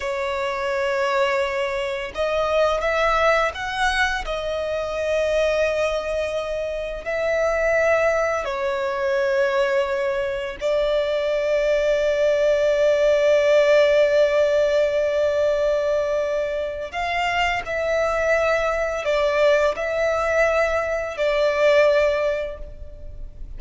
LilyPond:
\new Staff \with { instrumentName = "violin" } { \time 4/4 \tempo 4 = 85 cis''2. dis''4 | e''4 fis''4 dis''2~ | dis''2 e''2 | cis''2. d''4~ |
d''1~ | d''1 | f''4 e''2 d''4 | e''2 d''2 | }